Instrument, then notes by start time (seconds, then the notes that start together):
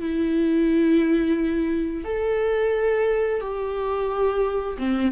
viola
0.00 E4
2.05 A4
3.41 G4
4.78 C4